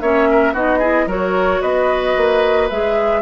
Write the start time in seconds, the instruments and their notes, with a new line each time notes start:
0.00 bassoon A#3, clarinet C#4, oboe C#5, flute E5
0.30 oboe A#4
0.53 bassoon B3, clarinet D#4, oboe F#4, flute D#5
0.78 clarinet E4, oboe G#4
1.06 bassoon F#3, clarinet F#4, oboe A#4, flute C#5
1.61 bassoon B3, oboe B4, flute D#5
2.17 bassoon A#3
2.69 bassoon G#3, clarinet G#4, flute E5